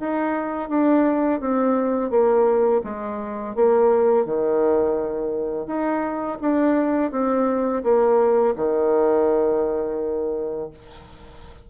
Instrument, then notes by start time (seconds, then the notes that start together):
bassoon
0.00 D#4
0.69 D4
1.41 C4
2.10 A#3
2.84 G#3
3.56 A#3
4.26 D#3
5.67 D#4
6.41 D4
7.12 C4
7.84 A#3
8.56 D#3